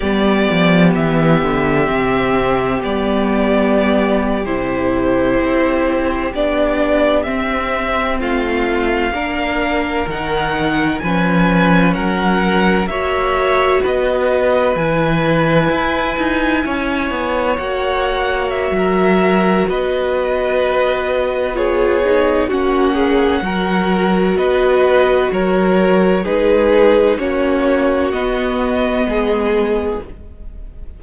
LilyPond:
<<
  \new Staff \with { instrumentName = "violin" } { \time 4/4 \tempo 4 = 64 d''4 e''2 d''4~ | d''8. c''2 d''4 e''16~ | e''8. f''2 fis''4 gis''16~ | gis''8. fis''4 e''4 dis''4 gis''16~ |
gis''2~ gis''8. fis''4 e''16~ | e''4 dis''2 cis''4 | fis''2 dis''4 cis''4 | b'4 cis''4 dis''2 | }
  \new Staff \with { instrumentName = "violin" } { \time 4/4 g'1~ | g'1~ | g'8. f'4 ais'2 b'16~ | b'8. ais'4 cis''4 b'4~ b'16~ |
b'4.~ b'16 cis''2~ cis''16 | ais'4 b'2 gis'4 | fis'8 gis'8 ais'4 b'4 ais'4 | gis'4 fis'2 gis'4 | }
  \new Staff \with { instrumentName = "viola" } { \time 4/4 b2 c'4 b4~ | b8. e'2 d'4 c'16~ | c'4.~ c'16 d'4 dis'4 cis'16~ | cis'4.~ cis'16 fis'2 e'16~ |
e'2~ e'8. fis'4~ fis'16~ | fis'2. f'8 dis'8 | cis'4 fis'2. | dis'4 cis'4 b2 | }
  \new Staff \with { instrumentName = "cello" } { \time 4/4 g8 f8 e8 d8 c4 g4~ | g8. c4 c'4 b4 c'16~ | c'8. a4 ais4 dis4 f16~ | f8. fis4 ais4 b4 e16~ |
e8. e'8 dis'8 cis'8 b8 ais4~ ais16 | fis4 b2. | ais4 fis4 b4 fis4 | gis4 ais4 b4 gis4 | }
>>